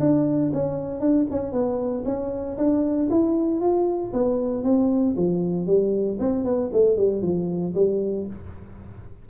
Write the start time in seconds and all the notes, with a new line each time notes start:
0.00 D4
0.53 C#4
1.00 D4
1.31 C#4
1.52 B3
2.05 C#4
2.57 D4
3.10 E4
3.60 F4
4.13 B3
4.64 C4
5.17 F3
5.67 G3
6.20 C4
6.44 B3
6.73 A3
6.97 G3
7.22 F3
7.75 G3